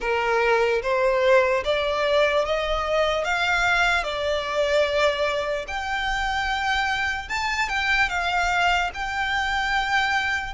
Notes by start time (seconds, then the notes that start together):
0.00 A#4
0.82 C5
1.64 D5
2.45 D#5
3.24 F5
4.03 D5
5.67 G5
7.28 A5
7.68 G5
8.09 F5
8.94 G5